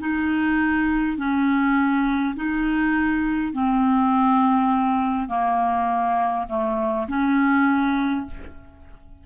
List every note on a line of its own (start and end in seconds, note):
0.00 1.18 D#4
1.18 2.35 C#4
2.36 3.53 D#4
3.53 5.29 C4
5.29 6.47 A#3
6.49 7.07 A3
7.08 8.26 C#4